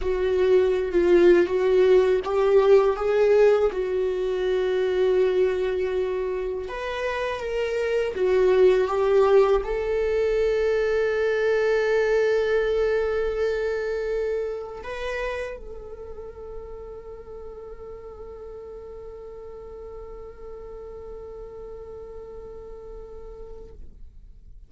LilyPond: \new Staff \with { instrumentName = "viola" } { \time 4/4 \tempo 4 = 81 fis'4~ fis'16 f'8. fis'4 g'4 | gis'4 fis'2.~ | fis'4 b'4 ais'4 fis'4 | g'4 a'2.~ |
a'1 | b'4 a'2.~ | a'1~ | a'1 | }